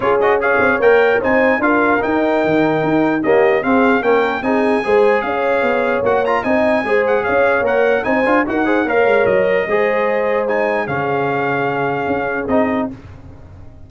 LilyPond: <<
  \new Staff \with { instrumentName = "trumpet" } { \time 4/4 \tempo 4 = 149 cis''8 dis''8 f''4 g''4 gis''4 | f''4 g''2. | dis''4 f''4 g''4 gis''4~ | gis''4 f''2 fis''8 ais''8 |
gis''4. fis''8 f''4 fis''4 | gis''4 fis''4 f''4 dis''4~ | dis''2 gis''4 f''4~ | f''2. dis''4 | }
  \new Staff \with { instrumentName = "horn" } { \time 4/4 gis'4 cis''2 c''4 | ais'1 | g'4 gis'4 ais'4 gis'4 | c''4 cis''2. |
dis''4 c''4 cis''2 | c''4 ais'8 c''8 cis''2 | c''2. gis'4~ | gis'1 | }
  \new Staff \with { instrumentName = "trombone" } { \time 4/4 f'8 fis'8 gis'4 ais'4 dis'4 | f'4 dis'2. | ais4 c'4 cis'4 dis'4 | gis'2. fis'8 f'8 |
dis'4 gis'2 ais'4 | dis'8 f'8 fis'8 gis'8 ais'2 | gis'2 dis'4 cis'4~ | cis'2. dis'4 | }
  \new Staff \with { instrumentName = "tuba" } { \time 4/4 cis'4. c'8 ais4 c'4 | d'4 dis'4 dis4 dis'4 | cis'4 c'4 ais4 c'4 | gis4 cis'4 b4 ais4 |
c'4 gis4 cis'4 ais4 | c'8 d'8 dis'4 ais8 gis8 fis4 | gis2. cis4~ | cis2 cis'4 c'4 | }
>>